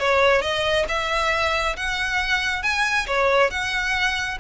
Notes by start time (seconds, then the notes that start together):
0.00 C#5
0.42 D#5
0.89 E5
1.77 F#5
2.63 G#5
3.07 C#5
3.51 F#5